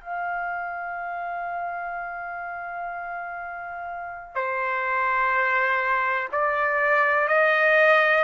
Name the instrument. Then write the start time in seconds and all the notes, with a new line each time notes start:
trumpet
0.00 F5
4.35 C5
6.32 D5
7.28 D#5